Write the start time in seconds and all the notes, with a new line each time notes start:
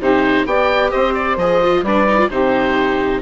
0.00 C3 D#4 G4 C5
0.46 B3 G4 D5 G5
0.91 C4 C5 D#5
1.14 D5
1.37 F3 G#4 D#5
1.62 F4
1.83 G3 D4 B4 D5
2.08 D#4
2.18 F4
2.29 C3 D#4 G4 C5